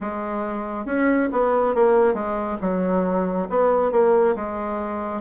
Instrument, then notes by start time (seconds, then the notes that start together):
bassoon
0.00 G#3
0.85 C#4
1.32 B3
1.74 A#3
2.14 G#3
2.61 F#3
3.49 B3
3.91 A#3
4.35 G#3